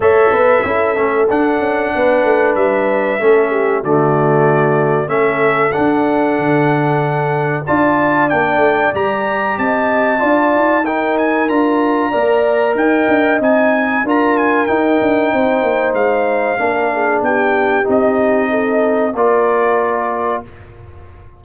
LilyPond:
<<
  \new Staff \with { instrumentName = "trumpet" } { \time 4/4 \tempo 4 = 94 e''2 fis''2 | e''2 d''2 | e''4 fis''2. | a''4 g''4 ais''4 a''4~ |
a''4 g''8 gis''8 ais''2 | g''4 gis''4 ais''8 gis''8 g''4~ | g''4 f''2 g''4 | dis''2 d''2 | }
  \new Staff \with { instrumentName = "horn" } { \time 4/4 cis''8 b'8 a'2 b'4~ | b'4 a'8 g'8 fis'2 | a'1 | d''2. dis''4 |
d''4 ais'2 d''4 | dis''2 ais'2 | c''2 ais'8 gis'8 g'4~ | g'4 a'4 ais'2 | }
  \new Staff \with { instrumentName = "trombone" } { \time 4/4 a'4 e'8 cis'8 d'2~ | d'4 cis'4 a2 | cis'4 d'2. | f'4 d'4 g'2 |
f'4 dis'4 f'4 ais'4~ | ais'4 dis'4 f'4 dis'4~ | dis'2 d'2 | dis'2 f'2 | }
  \new Staff \with { instrumentName = "tuba" } { \time 4/4 a8 b8 cis'8 a8 d'8 cis'8 b8 a8 | g4 a4 d2 | a4 d'4 d2 | d'4 ais8 a8 g4 c'4 |
d'8 dis'4. d'4 ais4 | dis'8 d'8 c'4 d'4 dis'8 d'8 | c'8 ais8 gis4 ais4 b4 | c'2 ais2 | }
>>